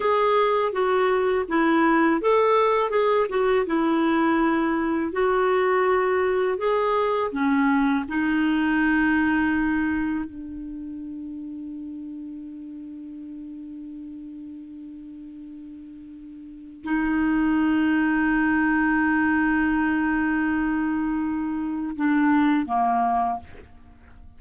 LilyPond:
\new Staff \with { instrumentName = "clarinet" } { \time 4/4 \tempo 4 = 82 gis'4 fis'4 e'4 a'4 | gis'8 fis'8 e'2 fis'4~ | fis'4 gis'4 cis'4 dis'4~ | dis'2 d'2~ |
d'1~ | d'2. dis'4~ | dis'1~ | dis'2 d'4 ais4 | }